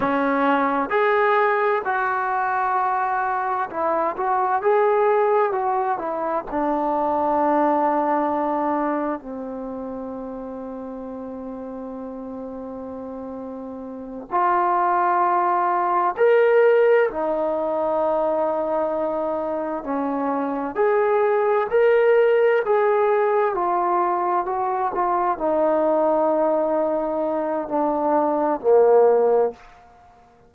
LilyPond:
\new Staff \with { instrumentName = "trombone" } { \time 4/4 \tempo 4 = 65 cis'4 gis'4 fis'2 | e'8 fis'8 gis'4 fis'8 e'8 d'4~ | d'2 c'2~ | c'2.~ c'8 f'8~ |
f'4. ais'4 dis'4.~ | dis'4. cis'4 gis'4 ais'8~ | ais'8 gis'4 f'4 fis'8 f'8 dis'8~ | dis'2 d'4 ais4 | }